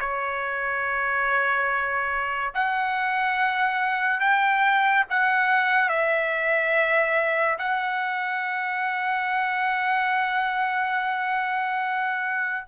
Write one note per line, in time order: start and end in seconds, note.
0.00 2.54 C#5
2.54 4.20 F#5
4.20 5.05 G5
5.10 5.89 F#5
5.89 7.58 E5
7.59 12.66 F#5